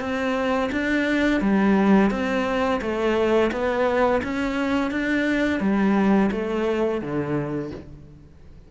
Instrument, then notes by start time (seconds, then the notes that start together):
cello
0.00 C4
0.72 D4
1.41 G3
2.11 C4
2.81 A3
3.52 B3
4.23 C#4
4.91 D4
5.60 G3
6.31 A3
7.01 D3